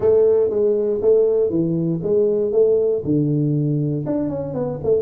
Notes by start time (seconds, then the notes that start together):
0.00 A3
0.50 G#3
1.01 A3
1.50 E3
2.02 G#3
2.52 A3
3.04 D3
4.05 D4
4.29 C#4
4.54 B3
4.83 A3